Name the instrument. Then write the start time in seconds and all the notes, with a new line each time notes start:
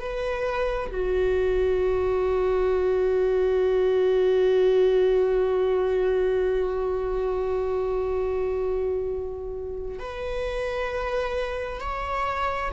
viola
0.00 B4
0.91 F#4
9.99 B4
11.81 C#5